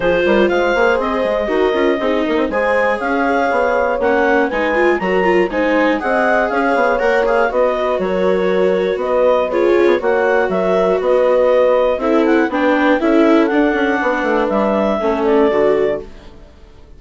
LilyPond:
<<
  \new Staff \with { instrumentName = "clarinet" } { \time 4/4 \tempo 4 = 120 c''4 f''4 dis''2~ | dis''4 gis''4 f''2 | fis''4 gis''4 ais''4 gis''4 | fis''4 f''4 fis''8 f''8 dis''4 |
cis''2 dis''4 cis''4 | fis''4 e''4 dis''2 | e''8 fis''8 g''4 e''4 fis''4~ | fis''4 e''4. d''4. | }
  \new Staff \with { instrumentName = "horn" } { \time 4/4 gis'8 ais'8 c''2 ais'4 | gis'8 ais'8 c''4 cis''2~ | cis''4 b'4 ais'4 c''4 | dis''4 cis''2 b'4 |
ais'2 b'4 gis'4 | cis''4 ais'4 b'2 | a'4 b'4 a'2 | b'2 a'2 | }
  \new Staff \with { instrumentName = "viola" } { \time 4/4 f'4. gis'4. fis'8 f'8 | dis'4 gis'2. | cis'4 dis'8 f'8 fis'8 f'8 dis'4 | gis'2 ais'8 gis'8 fis'4~ |
fis'2. f'4 | fis'1 | e'4 d'4 e'4 d'4~ | d'2 cis'4 fis'4 | }
  \new Staff \with { instrumentName = "bassoon" } { \time 4/4 f8 g8 gis8 ais8 c'8 gis8 dis'8 cis'8 | c'8 ais16 c'16 gis4 cis'4 b4 | ais4 gis4 fis4 gis4 | c'4 cis'8 b8 ais4 b4 |
fis2 b4. cis'16 b16 | ais4 fis4 b2 | c'4 b4 cis'4 d'8 cis'8 | b8 a8 g4 a4 d4 | }
>>